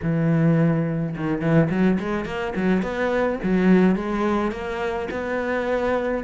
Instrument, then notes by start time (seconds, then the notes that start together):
cello
0.02 E3
1.16 D#3
1.41 E3
1.70 F#3
1.99 G#3
2.25 A#3
2.55 F#3
2.82 B3
3.43 F#3
3.95 G#3
4.51 A#3
5.10 B3